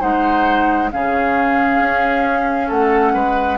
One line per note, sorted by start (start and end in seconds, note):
0.00 0.93 G#3
0.00 0.90 D#4
0.00 0.90 C5
0.00 0.91 F#5
0.92 1.80 C#3
0.92 3.58 C#4
0.92 2.68 G#4
0.92 2.71 F5
1.80 2.69 C#4
2.68 3.15 A3
2.68 3.12 A4
2.68 3.58 F#5
3.14 3.58 G#3
3.14 3.58 B4